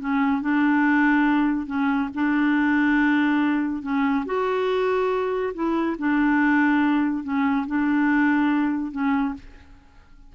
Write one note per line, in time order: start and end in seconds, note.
0.00 0.42 C#4
0.42 1.67 D4
1.67 2.09 C#4
2.14 3.82 D4
3.82 4.25 C#4
4.26 5.53 F#4
5.54 5.97 E4
5.99 7.23 D4
7.23 7.66 C#4
7.67 8.91 D4
8.91 9.34 C#4